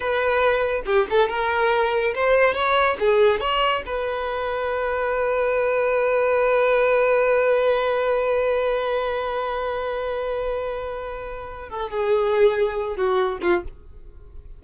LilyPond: \new Staff \with { instrumentName = "violin" } { \time 4/4 \tempo 4 = 141 b'2 g'8 a'8 ais'4~ | ais'4 c''4 cis''4 gis'4 | cis''4 b'2.~ | b'1~ |
b'1~ | b'1~ | b'2.~ b'8 a'8 | gis'2~ gis'8 fis'4 f'8 | }